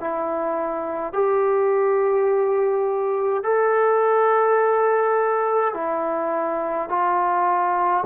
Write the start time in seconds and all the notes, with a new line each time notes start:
0.00 E4
1.13 G4
3.44 A4
5.74 E4
6.89 F4